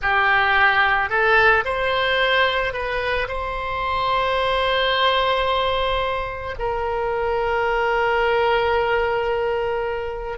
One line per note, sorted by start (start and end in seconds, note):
0.01 1.09 G4
1.09 1.64 A4
1.65 2.73 C5
2.73 3.27 B4
3.28 6.55 C5
6.59 10.37 A#4